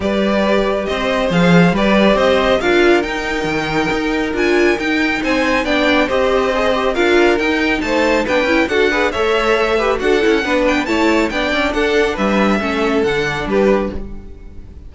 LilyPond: <<
  \new Staff \with { instrumentName = "violin" } { \time 4/4 \tempo 4 = 138 d''2 dis''4 f''4 | d''4 dis''4 f''4 g''4~ | g''2 gis''4 g''4 | gis''4 g''4 dis''2 |
f''4 g''4 a''4 g''4 | fis''4 e''2 fis''4~ | fis''8 g''8 a''4 g''4 fis''4 | e''2 fis''4 b'4 | }
  \new Staff \with { instrumentName = "violin" } { \time 4/4 b'2 c''2 | b'4 c''4 ais'2~ | ais'1 | c''4 d''4 c''2 |
ais'2 c''4 b'4 | a'8 b'8 cis''4. b'8 a'4 | b'4 cis''4 d''4 a'4 | b'4 a'2 g'4 | }
  \new Staff \with { instrumentName = "viola" } { \time 4/4 g'2. gis'4 | g'2 f'4 dis'4~ | dis'2 f'4 dis'4~ | dis'4 d'4 g'4 gis'8 g'8 |
f'4 dis'2 d'8 e'8 | fis'8 gis'8 a'4. g'8 fis'8 e'8 | d'4 e'4 d'2~ | d'4 cis'4 d'2 | }
  \new Staff \with { instrumentName = "cello" } { \time 4/4 g2 c'4 f4 | g4 c'4 d'4 dis'4 | dis4 dis'4 d'4 dis'4 | c'4 b4 c'2 |
d'4 dis'4 a4 b8 cis'8 | d'4 a2 d'8 cis'8 | b4 a4 b8 cis'8 d'4 | g4 a4 d4 g4 | }
>>